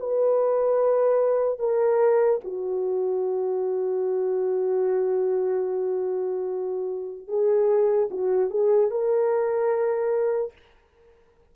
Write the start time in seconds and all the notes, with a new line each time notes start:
0.00 B4
1.60 A#4
2.44 F#4
7.28 G#4
8.11 F#4
8.51 G#4
8.91 A#4